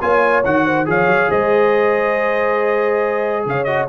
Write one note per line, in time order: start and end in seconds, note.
0.00 0.44 A#3
0.00 0.44 F4
0.00 0.64 C#5
0.00 0.43 G#5
0.44 0.87 D#3
0.44 0.85 F#4
0.44 0.87 F#5
0.64 0.86 C5
0.85 1.06 F3
0.85 3.65 G#4
0.85 1.29 C#5
0.85 1.30 F5
1.06 1.28 F#3
1.29 3.45 G#3
1.29 3.45 C5
1.29 3.46 D#5
3.45 3.88 C#3
3.45 3.88 C#5
3.45 3.64 F5
3.64 3.88 F#4
3.64 3.85 D#5